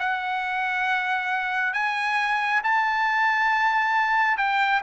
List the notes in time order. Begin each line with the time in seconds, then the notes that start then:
0.00 F#5
1.74 G#5
2.64 A5
4.38 G5